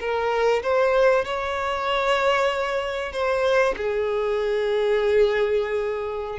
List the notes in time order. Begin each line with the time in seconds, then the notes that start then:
0.00 A#4
0.63 C5
1.25 C#5
3.12 C5
3.77 G#4